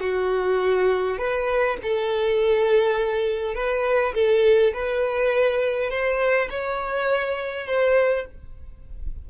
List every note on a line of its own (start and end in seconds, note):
0.00 1.18 F#4
1.18 1.77 B4
1.82 3.55 A4
3.55 4.13 B4
4.14 4.72 A4
4.73 5.90 B4
5.90 6.49 C5
6.49 7.66 C#5
7.66 8.25 C5